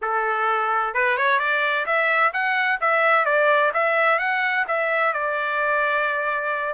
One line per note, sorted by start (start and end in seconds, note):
0.01 0.94 A4
0.94 1.17 B4
1.17 1.39 C#5
1.39 1.85 D5
1.86 2.32 E5
2.33 2.79 F#5
2.81 3.25 E5
3.25 3.71 D5
3.73 4.18 E5
4.18 4.65 F#5
4.67 5.13 E5
5.13 6.73 D5